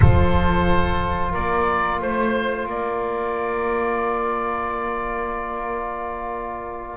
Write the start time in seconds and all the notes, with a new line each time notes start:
0.00 F3 F4 A4 C5
1.31 A#3 A#4 D5
2.01 A3 C5
2.64 A#3 A#4 D5